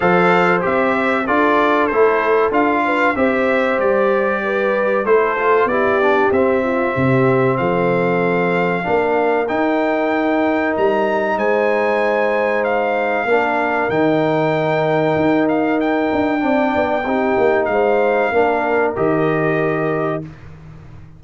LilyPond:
<<
  \new Staff \with { instrumentName = "trumpet" } { \time 4/4 \tempo 4 = 95 f''4 e''4 d''4 c''4 | f''4 e''4 d''2 | c''4 d''4 e''2 | f''2. g''4~ |
g''4 ais''4 gis''2 | f''2 g''2~ | g''8 f''8 g''2. | f''2 dis''2 | }
  \new Staff \with { instrumentName = "horn" } { \time 4/4 c''2 a'2~ | a'8 b'8 c''2 b'4 | a'4 g'4. f'8 g'4 | a'2 ais'2~ |
ais'2 c''2~ | c''4 ais'2.~ | ais'2 d''4 g'4 | c''4 ais'2. | }
  \new Staff \with { instrumentName = "trombone" } { \time 4/4 a'4 g'4 f'4 e'4 | f'4 g'2. | e'8 f'8 e'8 d'8 c'2~ | c'2 d'4 dis'4~ |
dis'1~ | dis'4 d'4 dis'2~ | dis'2 d'4 dis'4~ | dis'4 d'4 g'2 | }
  \new Staff \with { instrumentName = "tuba" } { \time 4/4 f4 c'4 d'4 a4 | d'4 c'4 g2 | a4 b4 c'4 c4 | f2 ais4 dis'4~ |
dis'4 g4 gis2~ | gis4 ais4 dis2 | dis'4. d'8 c'8 b8 c'8 ais8 | gis4 ais4 dis2 | }
>>